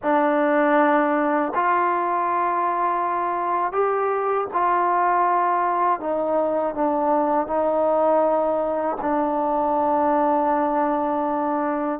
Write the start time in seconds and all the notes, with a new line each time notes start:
0.02 D4
1.54 F4
3.72 G4
4.53 F4
6.00 D#4
6.74 D4
7.46 D#4
9.01 D4